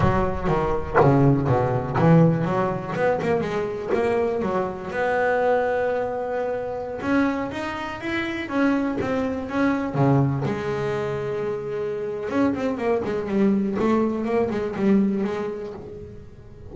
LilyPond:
\new Staff \with { instrumentName = "double bass" } { \time 4/4 \tempo 4 = 122 fis4 dis4 cis4 b,4 | e4 fis4 b8 ais8 gis4 | ais4 fis4 b2~ | b2~ b16 cis'4 dis'8.~ |
dis'16 e'4 cis'4 c'4 cis'8.~ | cis'16 cis4 gis2~ gis8.~ | gis4 cis'8 c'8 ais8 gis8 g4 | a4 ais8 gis8 g4 gis4 | }